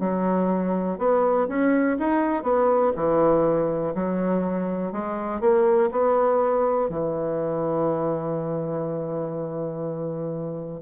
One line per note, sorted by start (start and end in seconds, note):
0.00 0.98 F#3
0.98 1.48 B3
1.48 1.98 C#4
1.99 2.43 D#4
2.43 2.92 B3
2.96 3.94 E3
3.95 4.92 F#3
4.92 5.41 G#3
5.41 5.90 A#3
5.92 6.89 B3
6.89 10.82 E3